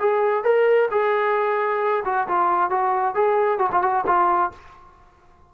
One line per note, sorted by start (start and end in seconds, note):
0.00 0.44 G#4
0.44 0.89 A#4
0.91 2.04 G#4
2.05 2.28 F#4
2.28 2.70 F4
2.70 3.15 F#4
3.15 3.59 G#4
3.59 3.70 F#4
3.72 3.82 F4
3.82 4.05 F#4
4.07 4.52 F4